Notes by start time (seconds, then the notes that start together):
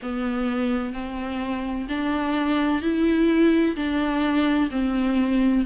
0.02 B3
0.93 C4
1.88 D4
2.81 E4
3.75 D4
4.70 C4